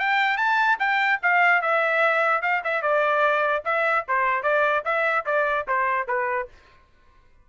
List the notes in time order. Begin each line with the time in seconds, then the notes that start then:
0.00 G5
0.38 A5
0.79 G5
1.23 F5
1.62 E5
2.43 F5
2.64 E5
2.82 D5
3.65 E5
4.08 C5
4.43 D5
4.85 E5
5.26 D5
5.68 C5
6.08 B4